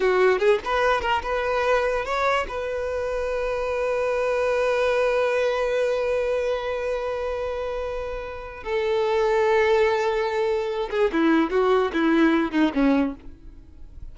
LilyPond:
\new Staff \with { instrumentName = "violin" } { \time 4/4 \tempo 4 = 146 fis'4 gis'8 b'4 ais'8 b'4~ | b'4 cis''4 b'2~ | b'1~ | b'1~ |
b'1~ | b'4 a'2.~ | a'2~ a'8 gis'8 e'4 | fis'4 e'4. dis'8 cis'4 | }